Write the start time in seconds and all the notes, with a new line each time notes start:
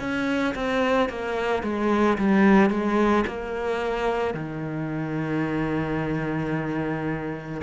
0.00 C#4
0.55 C4
1.09 A#3
1.63 G#3
2.18 G3
2.70 G#3
3.27 A#3
4.34 D#3